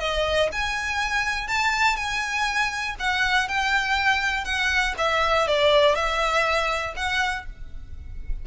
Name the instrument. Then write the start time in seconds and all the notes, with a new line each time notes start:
violin
0.00 D#5
0.52 G#5
1.48 A5
1.96 G#5
3.00 F#5
3.48 G5
4.45 F#5
4.98 E5
5.47 D5
5.95 E5
6.96 F#5